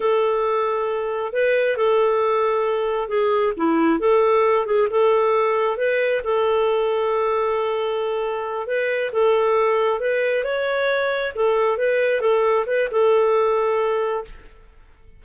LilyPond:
\new Staff \with { instrumentName = "clarinet" } { \time 4/4 \tempo 4 = 135 a'2. b'4 | a'2. gis'4 | e'4 a'4. gis'8 a'4~ | a'4 b'4 a'2~ |
a'2.~ a'8 b'8~ | b'8 a'2 b'4 cis''8~ | cis''4. a'4 b'4 a'8~ | a'8 b'8 a'2. | }